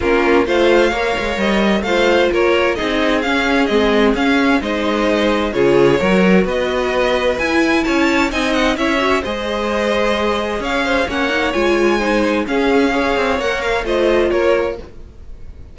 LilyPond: <<
  \new Staff \with { instrumentName = "violin" } { \time 4/4 \tempo 4 = 130 ais'4 f''2 dis''4 | f''4 cis''4 dis''4 f''4 | dis''4 f''4 dis''2 | cis''2 dis''2 |
gis''4 a''4 gis''8 fis''8 e''4 | dis''2. f''4 | fis''4 gis''2 f''4~ | f''4 fis''8 f''8 dis''4 cis''4 | }
  \new Staff \with { instrumentName = "violin" } { \time 4/4 f'4 c''4 cis''2 | c''4 ais'4 gis'2~ | gis'2 c''2 | gis'4 ais'4 b'2~ |
b'4 cis''4 dis''4 cis''4 | c''2. cis''8 c''8 | cis''2 c''4 gis'4 | cis''2 c''4 ais'4 | }
  \new Staff \with { instrumentName = "viola" } { \time 4/4 cis'4 f'4 ais'2 | f'2 dis'4 cis'4 | c'4 cis'4 dis'2 | f'4 fis'2. |
e'2 dis'4 e'8 fis'8 | gis'1 | cis'8 dis'8 f'4 dis'4 cis'4 | gis'4 ais'4 f'2 | }
  \new Staff \with { instrumentName = "cello" } { \time 4/4 ais4 a4 ais8 gis8 g4 | a4 ais4 c'4 cis'4 | gis4 cis'4 gis2 | cis4 fis4 b2 |
e'4 cis'4 c'4 cis'4 | gis2. cis'4 | ais4 gis2 cis'4~ | cis'8 c'8 ais4 a4 ais4 | }
>>